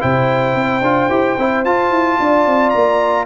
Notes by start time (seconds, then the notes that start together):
0.00 C3 E4 C5 G5
0.55 C4
0.82 D4 F4
1.10 E4 G4
1.38 C4 E4
1.65 F4 A5
1.91 E4
2.20 D4 D5
2.47 C4
2.70 A#3 A#5